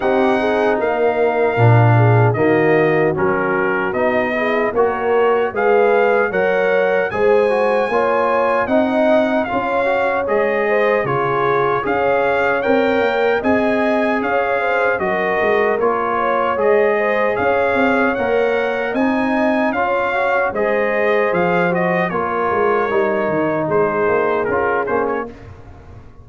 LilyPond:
<<
  \new Staff \with { instrumentName = "trumpet" } { \time 4/4 \tempo 4 = 76 fis''4 f''2 dis''4 | ais'4 dis''4 cis''4 f''4 | fis''4 gis''2 fis''4 | f''4 dis''4 cis''4 f''4 |
g''4 gis''4 f''4 dis''4 | cis''4 dis''4 f''4 fis''4 | gis''4 f''4 dis''4 f''8 dis''8 | cis''2 c''4 ais'8 c''16 cis''16 | }
  \new Staff \with { instrumentName = "horn" } { \time 4/4 g'8 gis'8 ais'4. gis'8 fis'4~ | fis'4. gis'8 ais'4 b'4 | cis''4 c''4 cis''4 dis''4 | cis''4. c''8 gis'4 cis''4~ |
cis''4 dis''4 cis''8 c''8 ais'4~ | ais'8 cis''4 c''8 cis''2 | dis''4 cis''4 c''2 | ais'2 gis'2 | }
  \new Staff \with { instrumentName = "trombone" } { \time 4/4 dis'2 d'4 ais4 | cis'4 dis'8 e'8 fis'4 gis'4 | ais'4 gis'8 fis'8 f'4 dis'4 | f'8 fis'8 gis'4 f'4 gis'4 |
ais'4 gis'2 fis'4 | f'4 gis'2 ais'4 | dis'4 f'8 fis'8 gis'4. fis'8 | f'4 dis'2 f'8 cis'8 | }
  \new Staff \with { instrumentName = "tuba" } { \time 4/4 c'4 ais4 ais,4 dis4 | fis4 b4 ais4 gis4 | fis4 gis4 ais4 c'4 | cis'4 gis4 cis4 cis'4 |
c'8 ais8 c'4 cis'4 fis8 gis8 | ais4 gis4 cis'8 c'8 ais4 | c'4 cis'4 gis4 f4 | ais8 gis8 g8 dis8 gis8 ais8 cis'8 ais8 | }
>>